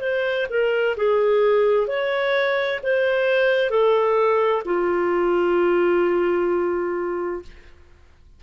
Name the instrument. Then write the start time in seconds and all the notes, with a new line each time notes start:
clarinet
0.00 C5
0.50 A#4
0.97 G#4
1.87 C#5
2.83 C5
3.70 A4
4.65 F4